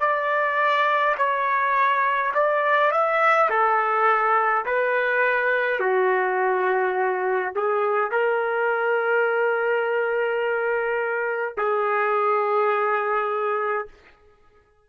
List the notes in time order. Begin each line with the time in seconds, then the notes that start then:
0.00 D5
1.17 C#5
2.34 D5
2.92 E5
3.50 A4
4.66 B4
5.80 F#4
7.56 G#4
8.11 A#4
11.57 G#4